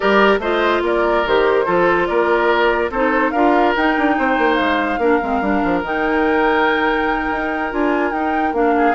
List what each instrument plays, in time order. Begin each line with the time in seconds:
0.00 bassoon G3, clarinet G4, oboe A#4, flute D5
0.38 bassoon A3, clarinet F4, oboe C5, flute D#5
0.82 bassoon A#3, oboe A#4, flute D5
1.26 bassoon D#3, clarinet G4, flute C5
1.65 bassoon F3, clarinet F4, oboe A4
2.06 bassoon A#3, oboe A#4, flute D5
2.90 bassoon C4, clarinet D#4, oboe A4, flute C5
3.30 bassoon D4, clarinet F4, oboe A#4, flute F5
3.76 bassoon D#4, clarinet D#4, flute G5
3.98 bassoon D4
4.18 bassoon C4, oboe C5
4.38 bassoon A#3
4.55 bassoon G#3, flute F5
4.98 bassoon A#3, clarinet D4, oboe A#4
5.21 bassoon G#3, clarinet C4
5.41 bassoon G3, clarinet D4
5.64 bassoon F3
5.82 bassoon D#3, clarinet D#4, flute G5
7.31 bassoon D#4
7.70 bassoon D4, clarinet F4, flute G#5
8.11 bassoon D#4, clarinet D#4, flute G5
8.52 bassoon A#3, clarinet D4, flute F5
8.77 oboe G#4